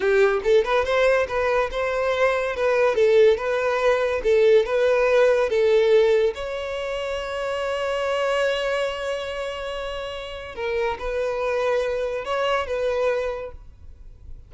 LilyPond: \new Staff \with { instrumentName = "violin" } { \time 4/4 \tempo 4 = 142 g'4 a'8 b'8 c''4 b'4 | c''2 b'4 a'4 | b'2 a'4 b'4~ | b'4 a'2 cis''4~ |
cis''1~ | cis''1~ | cis''4 ais'4 b'2~ | b'4 cis''4 b'2 | }